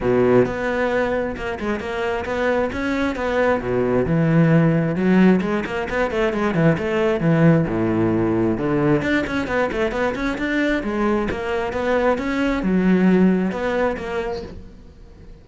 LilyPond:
\new Staff \with { instrumentName = "cello" } { \time 4/4 \tempo 4 = 133 b,4 b2 ais8 gis8 | ais4 b4 cis'4 b4 | b,4 e2 fis4 | gis8 ais8 b8 a8 gis8 e8 a4 |
e4 a,2 d4 | d'8 cis'8 b8 a8 b8 cis'8 d'4 | gis4 ais4 b4 cis'4 | fis2 b4 ais4 | }